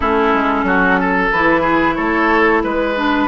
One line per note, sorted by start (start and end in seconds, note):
0.00 0.33 A3
0.00 1.32 C#4
0.00 0.65 E4
0.00 1.31 A4
0.33 0.63 G#3
0.63 1.29 F#3
0.63 0.99 F#4
0.99 1.61 A4
1.31 1.97 E3
1.31 2.96 E4
1.31 1.95 B4
1.61 1.94 G#4
1.95 2.63 A3
1.95 2.62 A4
1.95 2.61 C#5
2.63 3.28 G#3
2.63 3.28 B4
2.96 3.28 D4